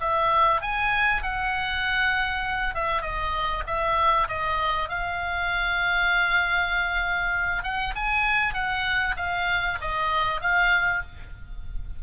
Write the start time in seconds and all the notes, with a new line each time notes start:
0.00 E5
0.61 G#5
1.22 F#5
2.74 E5
3.02 D#5
3.67 E5
4.28 D#5
4.89 F5
7.63 F#5
7.95 G#5
8.54 F#5
9.17 F5
9.81 D#5
10.41 F5